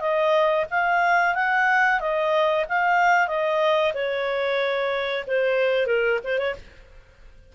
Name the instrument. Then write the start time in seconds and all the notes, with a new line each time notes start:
clarinet
0.00 D#5
0.71 F5
1.35 F#5
2.00 D#5
2.69 F5
3.28 D#5
3.94 C#5
5.27 C5
5.87 A#4
6.24 C5
6.38 C#5